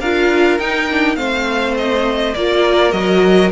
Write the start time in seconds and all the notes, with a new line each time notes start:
0.00 D4 F4 A#4 F5
0.59 D#4 G5
0.91 D4
1.16 A3 C4 C5 F5
1.78 D#5
2.35 A#3 F4 A#4 D5
2.92 F#3 F#4 D#5